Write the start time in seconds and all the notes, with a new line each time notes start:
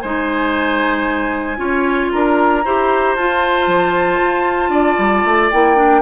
0.00 G#3 D#4 C5 G#5
1.57 C#4 F4 C#5
2.11 D4 A#4 A#5
2.64 E4 G4 C5
3.15 F4 A5
3.67 F3
4.21 F4
4.69 D4 D5
4.98 G3
5.24 A3
5.51 A#3 E4 G5
5.76 D4